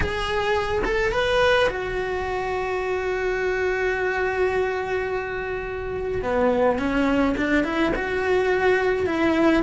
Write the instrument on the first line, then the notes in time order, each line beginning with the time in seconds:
cello
0.00 G#4
0.84 A4
1.12 B4
1.69 F#4
6.22 B3
6.78 C#4
7.37 D4
7.64 E4
7.95 F#4
9.06 E4